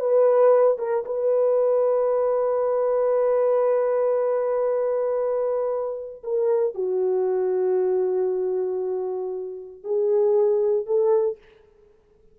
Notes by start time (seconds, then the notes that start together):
0.00 B4
0.79 A#4
1.06 B4
6.24 A#4
6.75 F#4
9.84 G#4
10.87 A4